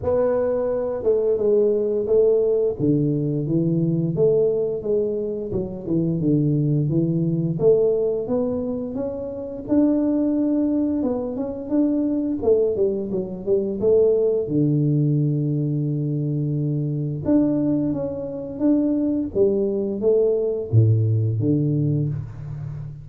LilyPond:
\new Staff \with { instrumentName = "tuba" } { \time 4/4 \tempo 4 = 87 b4. a8 gis4 a4 | d4 e4 a4 gis4 | fis8 e8 d4 e4 a4 | b4 cis'4 d'2 |
b8 cis'8 d'4 a8 g8 fis8 g8 | a4 d2.~ | d4 d'4 cis'4 d'4 | g4 a4 a,4 d4 | }